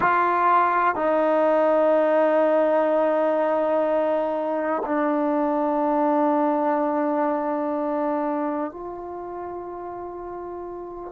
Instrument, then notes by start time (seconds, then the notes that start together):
trombone
0.00 F4
0.95 D#4
4.85 D4
8.71 F4